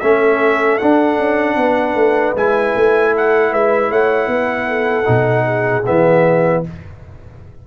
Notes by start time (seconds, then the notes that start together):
0.00 A3 C#4 A4 E5
0.78 D4 F#5
1.18 C#4
1.56 B3 B4
1.95 A3
2.35 G#3 E4 G#5
2.76 A3
3.12 A4 F#5
3.51 G#3 B4 E5
3.90 A3 C#5 F#5
4.27 B3 B4
4.69 A4
5.04 B2 D#4
5.45 G#4
5.86 E3 B3 E5